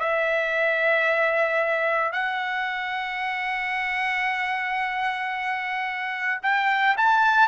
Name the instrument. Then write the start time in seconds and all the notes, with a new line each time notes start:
trumpet
0.00 E5
2.12 F#5
6.43 G5
6.97 A5